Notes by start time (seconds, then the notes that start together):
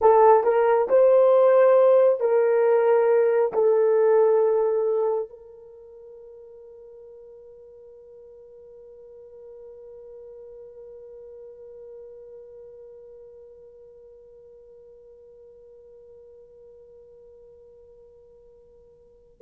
0.01 A4
0.43 A#4
0.88 C5
2.20 A#4
3.53 A4
5.29 A#4